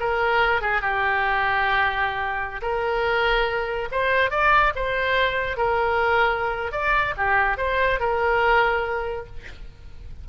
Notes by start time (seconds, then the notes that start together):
0.00 A#4
0.62 G#4
0.82 G4
2.62 A#4
3.92 C5
4.31 D5
4.76 C5
5.57 A#4
6.72 D5
7.17 G4
7.58 C5
8.00 A#4